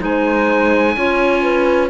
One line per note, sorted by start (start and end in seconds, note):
0.00 0.97 G#3
0.00 0.95 D#4
0.00 0.96 C5
0.00 1.90 G#5
0.96 1.90 C#4
0.96 1.90 F4
0.96 1.43 C#5
1.43 1.90 B4